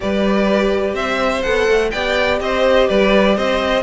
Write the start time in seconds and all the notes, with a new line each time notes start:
0.00 G3 G4 B4 D5
0.94 C4 C5 E5
1.41 B3 A4 F#5
1.68 A3
1.90 B3 G4 D5 G5
2.40 C4 C5 D#5
2.87 G3 B4 D5
3.37 C4 C5 D#5